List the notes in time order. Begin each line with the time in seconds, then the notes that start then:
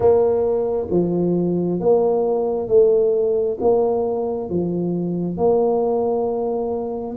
0.00 A#3
0.90 F3
1.80 A#3
2.67 A3
3.60 A#3
4.49 F3
5.37 A#3